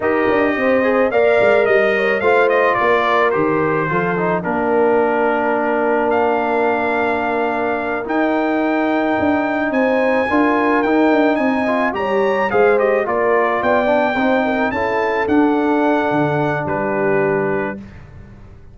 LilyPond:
<<
  \new Staff \with { instrumentName = "trumpet" } { \time 4/4 \tempo 4 = 108 dis''2 f''4 dis''4 | f''8 dis''8 d''4 c''2 | ais'2. f''4~ | f''2~ f''8 g''4.~ |
g''4. gis''2 g''8~ | g''8 gis''4 ais''4 f''8 dis''8 d''8~ | d''8 g''2 a''4 fis''8~ | fis''2 b'2 | }
  \new Staff \with { instrumentName = "horn" } { \time 4/4 ais'4 c''4 d''4 dis''8 cis''8 | c''4 ais'2 a'4 | ais'1~ | ais'1~ |
ais'4. c''4 ais'4.~ | ais'8 dis''4 cis''4 c''4 ais'8~ | ais'8 d''4 c''8 ais'8 a'4.~ | a'2 g'2 | }
  \new Staff \with { instrumentName = "trombone" } { \time 4/4 g'4. gis'8 ais'2 | f'2 g'4 f'8 dis'8 | d'1~ | d'2~ d'8 dis'4.~ |
dis'2~ dis'8 f'4 dis'8~ | dis'4 f'8 g'4 gis'8 g'8 f'8~ | f'4 d'8 dis'4 e'4 d'8~ | d'1 | }
  \new Staff \with { instrumentName = "tuba" } { \time 4/4 dis'8 d'8 c'4 ais8 gis8 g4 | a4 ais4 dis4 f4 | ais1~ | ais2~ ais8 dis'4.~ |
dis'8 d'4 c'4 d'4 dis'8 | d'8 c'4 g4 gis4 ais8~ | ais8 b4 c'4 cis'4 d'8~ | d'4 d4 g2 | }
>>